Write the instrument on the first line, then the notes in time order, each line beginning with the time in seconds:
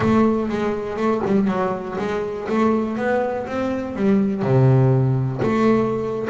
double bass
0.00 A3
0.49 G#3
0.96 A3
1.26 G3
1.47 F#3
1.98 G#3
2.48 A3
2.97 B3
3.46 C4
3.95 G3
4.42 C3
5.42 A3